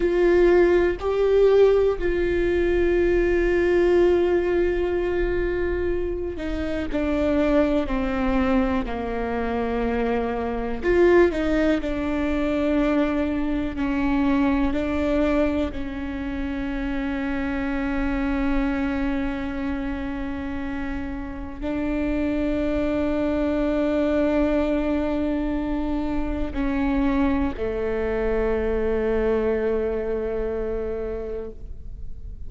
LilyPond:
\new Staff \with { instrumentName = "viola" } { \time 4/4 \tempo 4 = 61 f'4 g'4 f'2~ | f'2~ f'8 dis'8 d'4 | c'4 ais2 f'8 dis'8 | d'2 cis'4 d'4 |
cis'1~ | cis'2 d'2~ | d'2. cis'4 | a1 | }